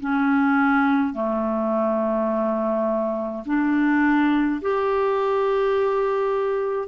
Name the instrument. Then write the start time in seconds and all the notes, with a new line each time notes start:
clarinet
0.00 C#4
1.13 A3
3.46 D4
4.61 G4